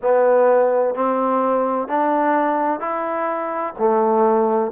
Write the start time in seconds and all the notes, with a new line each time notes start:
0.02 B3
0.95 C4
1.87 D4
2.80 E4
3.78 A3